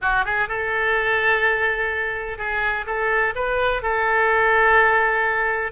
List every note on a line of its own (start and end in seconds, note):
0.01 0.25 F#4
0.25 0.48 G#4
0.48 2.38 A4
2.38 2.85 G#4
2.86 3.34 A4
3.35 3.82 B4
3.82 5.72 A4